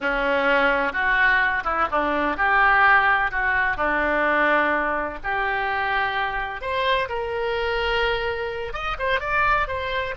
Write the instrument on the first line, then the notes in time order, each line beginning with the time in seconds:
oboe
0.00 C#4
0.92 F#4
1.64 E4
1.91 D4
2.36 G4
3.31 F#4
3.76 D4
5.23 G4
6.61 C5
7.08 A#4
8.73 D#5
8.98 C5
9.20 D5
9.67 C5